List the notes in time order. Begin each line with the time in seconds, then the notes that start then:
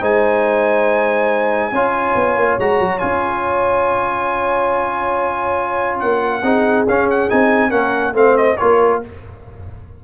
0.00 G#3 D#4 C5 G#5
1.72 C#4 F4 C#5
2.15 B3
2.36 A#3
2.58 G#3 F#4 A#5
2.80 F#3
2.99 C#4 F4 G#5
5.99 A#3 F#5
6.43 C4 D#4 G#4
6.86 C#4 F5
7.10 F#5
7.29 C4 D#4 G#5
7.69 A#3 C#4 A#4 F#5
8.13 A3 C4 C5 F5
8.37 D#5
8.57 A#3 F4 A#4 C#5